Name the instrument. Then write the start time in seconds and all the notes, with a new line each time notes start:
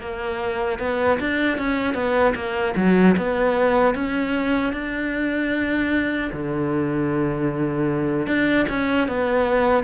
cello
0.00 A#3
0.79 B3
1.19 D4
1.58 C#4
1.94 B3
2.35 A#3
2.76 F#3
3.17 B3
3.94 C#4
4.73 D4
6.33 D3
8.27 D4
8.69 C#4
9.08 B3